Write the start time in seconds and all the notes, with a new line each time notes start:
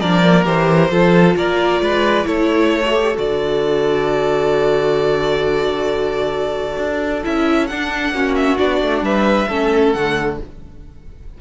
0.00 F3 D4 A#4 D5
0.23 A#3
0.44 E3 G4 C5
0.90 F3 F4 A4
1.36 A#3 A#4 D5
1.81 G#3 B4
2.24 A3 E4 A4 C#5
2.85 F#4
2.94 G4
3.15 D3 F#4 D5
6.77 D4
7.24 C#4 E4 E5
7.67 D4 F#5
8.12 A#3 C#4 F#4
8.35 E5
8.57 B3 D4 D5
8.82 A3
9.01 G3 B4 E5
9.48 A3 C#4 A4
9.93 D3 A3 F#5